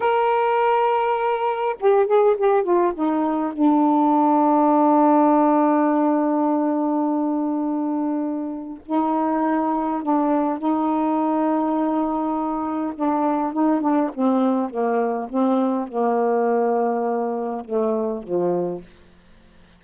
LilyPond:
\new Staff \with { instrumentName = "saxophone" } { \time 4/4 \tempo 4 = 102 ais'2. g'8 gis'8 | g'8 f'8 dis'4 d'2~ | d'1~ | d'2. dis'4~ |
dis'4 d'4 dis'2~ | dis'2 d'4 dis'8 d'8 | c'4 ais4 c'4 ais4~ | ais2 a4 f4 | }